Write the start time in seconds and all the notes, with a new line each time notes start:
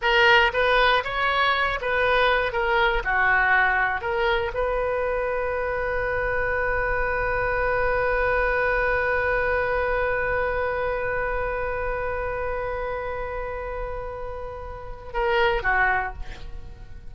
0.01 A#4
0.53 B4
1.03 C#5
1.81 B4
2.52 A#4
3.04 F#4
4.01 A#4
4.54 B4
15.13 A#4
15.63 F#4